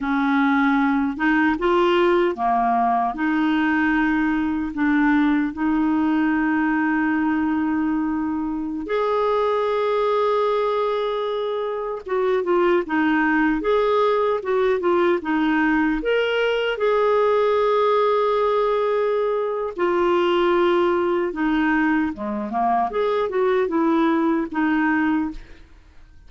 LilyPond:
\new Staff \with { instrumentName = "clarinet" } { \time 4/4 \tempo 4 = 76 cis'4. dis'8 f'4 ais4 | dis'2 d'4 dis'4~ | dis'2.~ dis'16 gis'8.~ | gis'2.~ gis'16 fis'8 f'16~ |
f'16 dis'4 gis'4 fis'8 f'8 dis'8.~ | dis'16 ais'4 gis'2~ gis'8.~ | gis'4 f'2 dis'4 | gis8 ais8 gis'8 fis'8 e'4 dis'4 | }